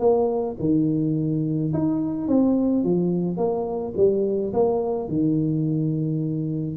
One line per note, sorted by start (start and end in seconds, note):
0.00 0.57 A#3
0.60 1.73 D#3
1.74 2.28 D#4
2.28 2.84 C4
2.84 3.37 F3
3.37 3.94 A#3
3.97 4.54 G3
4.54 5.08 A#3
5.08 6.77 D#3